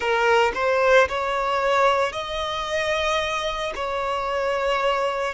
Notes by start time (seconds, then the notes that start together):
0.00 A#4
0.54 C5
1.08 C#5
2.12 D#5
3.75 C#5